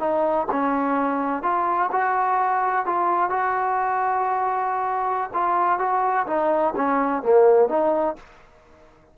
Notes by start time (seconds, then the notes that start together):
0.00 D#4
0.52 C#4
1.43 F4
1.92 F#4
2.86 F4
3.30 F#4
5.34 F4
5.79 F#4
6.27 D#4
6.76 C#4
7.23 A#3
7.69 D#4